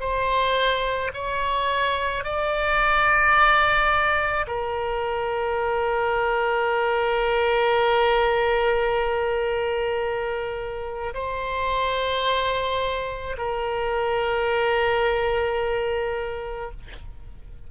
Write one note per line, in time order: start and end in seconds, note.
0.00 1.11 C5
1.14 2.24 C#5
2.24 4.46 D5
4.47 11.14 A#4
11.14 13.36 C5
13.37 16.71 A#4